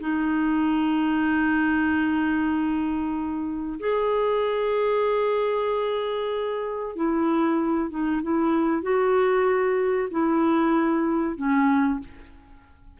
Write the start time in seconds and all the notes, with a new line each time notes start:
0.00 D#4
3.80 G#4
6.96 E4
7.90 D#4
8.22 E4
8.82 F#4
10.11 E4
11.36 C#4